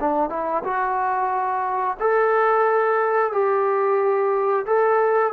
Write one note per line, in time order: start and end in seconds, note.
0.00 0.29 D4
0.29 0.63 E4
0.64 1.97 F#4
2.00 3.32 A4
3.32 4.65 G4
4.66 5.33 A4